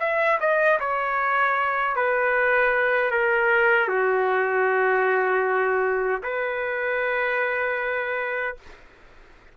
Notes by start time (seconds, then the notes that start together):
0.00 E5
0.40 D#5
0.80 C#5
1.96 B4
3.11 A#4
3.89 F#4
6.23 B4